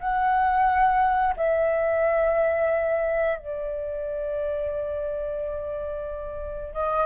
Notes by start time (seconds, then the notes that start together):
0.00 F#5
1.37 E5
3.38 D5
6.74 D#5